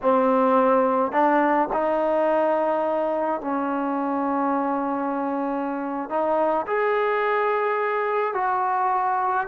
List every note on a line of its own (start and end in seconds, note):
0.02 1.12 C4
1.12 1.68 D4
1.72 3.41 D#4
3.41 6.09 C#4
6.09 6.66 D#4
6.66 8.33 G#4
8.33 9.47 F#4